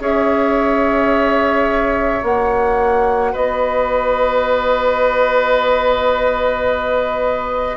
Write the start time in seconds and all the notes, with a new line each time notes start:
0.00 C#4 G#4 C#5 E5
2.23 A#3 F#4 F#5
3.32 B3 B4 D#5